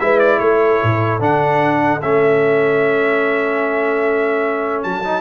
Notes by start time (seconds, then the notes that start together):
0.00 G#3 E4 B4 E5
0.20 D5
0.40 A3 A4 C#5
0.83 A2
1.20 D3 D4 F#5
2.02 A3 C#4 E5
4.83 F#3 A5
5.05 D#4